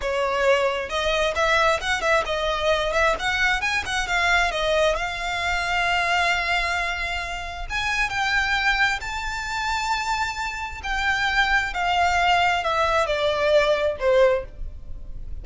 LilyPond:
\new Staff \with { instrumentName = "violin" } { \time 4/4 \tempo 4 = 133 cis''2 dis''4 e''4 | fis''8 e''8 dis''4. e''8 fis''4 | gis''8 fis''8 f''4 dis''4 f''4~ | f''1~ |
f''4 gis''4 g''2 | a''1 | g''2 f''2 | e''4 d''2 c''4 | }